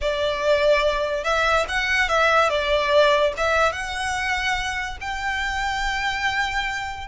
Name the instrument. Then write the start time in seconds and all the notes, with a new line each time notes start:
violin
0.01 D5
1.23 E5
1.68 F#5
2.09 E5
2.49 D5
3.37 E5
3.72 F#5
5.00 G5